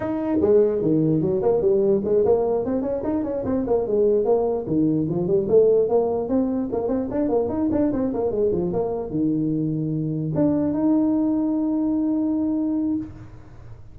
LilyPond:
\new Staff \with { instrumentName = "tuba" } { \time 4/4 \tempo 4 = 148 dis'4 gis4 dis4 fis8 ais8 | g4 gis8 ais4 c'8 cis'8 dis'8 | cis'8 c'8 ais8 gis4 ais4 dis8~ | dis8 f8 g8 a4 ais4 c'8~ |
c'8 ais8 c'8 d'8 ais8 dis'8 d'8 c'8 | ais8 gis8 f8 ais4 dis4.~ | dis4. d'4 dis'4.~ | dis'1 | }